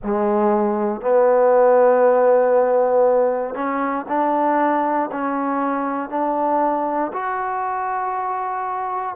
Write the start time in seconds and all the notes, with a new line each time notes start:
0.03 G#3
1.01 B3
3.55 C#4
4.08 D4
5.11 C#4
6.09 D4
7.12 F#4